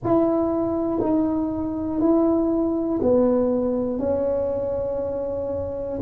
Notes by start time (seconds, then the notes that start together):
0.04 E4
1.00 D#4
2.00 E4
3.02 B3
3.99 C#4